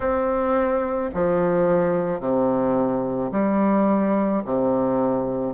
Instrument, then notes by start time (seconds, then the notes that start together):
bassoon
0.00 C4
1.14 F3
2.20 C3
3.31 G3
4.44 C3